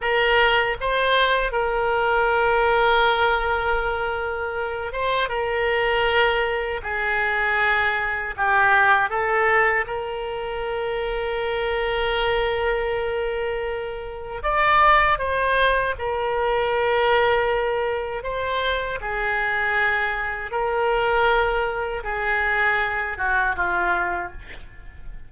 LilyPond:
\new Staff \with { instrumentName = "oboe" } { \time 4/4 \tempo 4 = 79 ais'4 c''4 ais'2~ | ais'2~ ais'8 c''8 ais'4~ | ais'4 gis'2 g'4 | a'4 ais'2.~ |
ais'2. d''4 | c''4 ais'2. | c''4 gis'2 ais'4~ | ais'4 gis'4. fis'8 f'4 | }